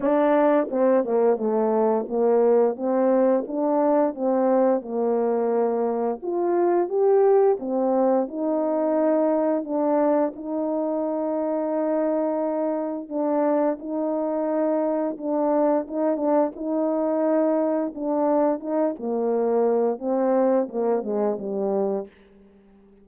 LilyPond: \new Staff \with { instrumentName = "horn" } { \time 4/4 \tempo 4 = 87 d'4 c'8 ais8 a4 ais4 | c'4 d'4 c'4 ais4~ | ais4 f'4 g'4 c'4 | dis'2 d'4 dis'4~ |
dis'2. d'4 | dis'2 d'4 dis'8 d'8 | dis'2 d'4 dis'8 ais8~ | ais4 c'4 ais8 gis8 g4 | }